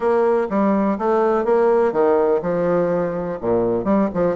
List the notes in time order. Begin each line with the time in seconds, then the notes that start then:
0.00 A#3
0.49 G3
0.98 A3
1.45 A#3
1.92 D#3
2.42 F3
3.40 A#2
3.84 G3
4.13 F3